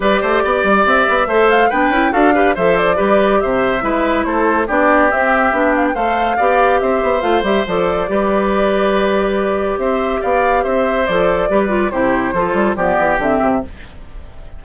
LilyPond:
<<
  \new Staff \with { instrumentName = "flute" } { \time 4/4 \tempo 4 = 141 d''2 e''4. f''8 | g''4 f''4 e''8 d''4. | e''2 c''4 d''4 | e''4. f''16 g''16 f''2 |
e''4 f''8 e''8 d''2~ | d''2. e''4 | f''4 e''4 d''2 | c''2 d''4 e''4 | }
  \new Staff \with { instrumentName = "oboe" } { \time 4/4 b'8 c''8 d''2 c''4 | b'4 a'8 b'8 c''4 b'4 | c''4 b'4 a'4 g'4~ | g'2 c''4 d''4 |
c''2. b'4~ | b'2. c''4 | d''4 c''2 b'4 | g'4 a'4 g'2 | }
  \new Staff \with { instrumentName = "clarinet" } { \time 4/4 g'2. a'4 | d'8 e'8 fis'8 g'8 a'4 g'4~ | g'4 e'2 d'4 | c'4 d'4 a'4 g'4~ |
g'4 f'8 g'8 a'4 g'4~ | g'1~ | g'2 a'4 g'8 f'8 | e'4 f'4 b4 c'4 | }
  \new Staff \with { instrumentName = "bassoon" } { \time 4/4 g8 a8 b8 g8 c'8 b8 a4 | b8 cis'8 d'4 f4 g4 | c4 gis4 a4 b4 | c'4 b4 a4 b4 |
c'8 b8 a8 g8 f4 g4~ | g2. c'4 | b4 c'4 f4 g4 | c4 f8 g8 f8 e8 d8 c8 | }
>>